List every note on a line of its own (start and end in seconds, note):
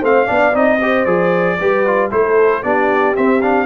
0.00 0.28 A3
0.00 0.26 C4
0.00 0.25 C5
0.00 0.56 F5
0.25 0.54 B3
0.25 0.52 D4
0.25 0.78 D5
0.53 1.06 C4
0.53 0.79 D#4
0.53 1.05 D#5
0.78 1.06 G4
0.78 1.57 C5
1.05 1.58 F3
1.05 1.58 G#4
1.05 2.09 D5
1.59 2.12 G3
1.59 1.87 G4
1.59 2.11 B4
1.87 2.11 F4
2.11 2.64 A3
2.11 2.63 E4
2.11 2.63 A4
2.11 2.63 C5
2.63 3.16 B3
2.63 3.15 D4
2.63 3.66 G4
2.63 3.15 D5
3.15 3.41 C4
3.15 3.66 C4
3.15 3.41 E5
3.41 3.66 D4
3.41 3.66 F5